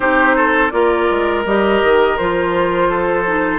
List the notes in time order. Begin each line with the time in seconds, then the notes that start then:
0.00 C4 D#4 G4 C5
0.36 A4
0.70 A#3 F4 A#4 D5
1.10 G#3
1.45 G3 G4 D#5
1.83 D#3
2.17 F3 F4 C5
2.89 A4
3.25 D#4